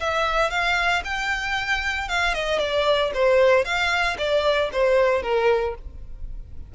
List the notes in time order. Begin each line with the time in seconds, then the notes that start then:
0.00 E5
0.50 F5
1.04 G5
2.08 F5
2.34 D#5
2.59 D5
3.14 C5
3.65 F5
4.18 D5
4.72 C5
5.22 A#4